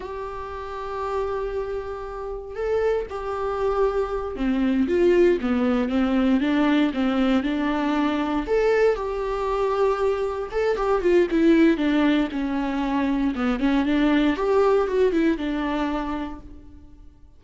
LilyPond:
\new Staff \with { instrumentName = "viola" } { \time 4/4 \tempo 4 = 117 g'1~ | g'4 a'4 g'2~ | g'8 c'4 f'4 b4 c'8~ | c'8 d'4 c'4 d'4.~ |
d'8 a'4 g'2~ g'8~ | g'8 a'8 g'8 f'8 e'4 d'4 | cis'2 b8 cis'8 d'4 | g'4 fis'8 e'8 d'2 | }